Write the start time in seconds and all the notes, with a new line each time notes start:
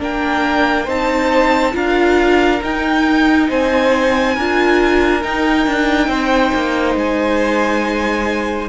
0.00 A#3 D4 A#4 G5
0.85 C4 D#4 C5 A5
1.72 D4 F4 A#4 F5
2.62 D#4 G5
3.49 C4 C5 G#5
4.35 D4 F4 A#4
5.22 D#4 G5
5.67 D4
6.08 C4 C5
6.55 A#3
6.95 G#3 G#5